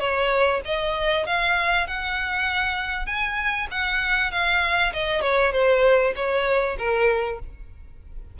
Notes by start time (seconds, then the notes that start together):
0.00 C#5
0.65 D#5
1.27 F5
1.87 F#5
3.07 G#5
3.71 F#5
4.32 F5
4.93 D#5
5.22 C#5
5.52 C5
6.16 C#5
6.78 A#4